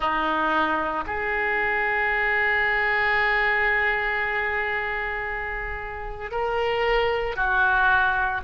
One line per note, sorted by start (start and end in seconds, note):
0.00 1.04 D#4
1.06 6.31 G#4
6.31 7.35 A#4
7.35 8.41 F#4